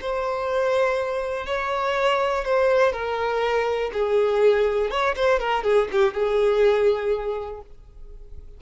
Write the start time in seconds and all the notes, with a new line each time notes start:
0.00 C5
1.46 C#5
2.44 C5
2.92 A#4
3.92 G#4
4.90 C#5
5.15 C5
5.39 A#4
5.63 G#4
5.91 G4
6.13 G#4